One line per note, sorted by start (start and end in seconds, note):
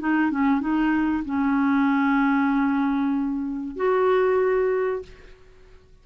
0.00 0.31 D#4
0.31 0.61 C#4
0.61 1.24 D#4
1.25 3.76 C#4
3.76 5.02 F#4